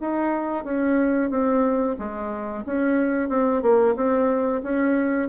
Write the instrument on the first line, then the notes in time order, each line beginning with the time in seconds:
bassoon
0.00 D#4
0.64 C#4
1.30 C4
1.98 G#3
2.66 C#4
3.29 C4
3.62 A#3
3.96 C4
4.63 C#4